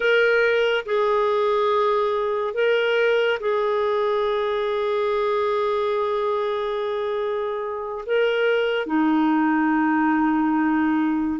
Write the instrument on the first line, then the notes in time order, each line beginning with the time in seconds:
clarinet
0.00 A#4
0.85 G#4
2.54 A#4
3.40 G#4
8.06 A#4
8.86 D#4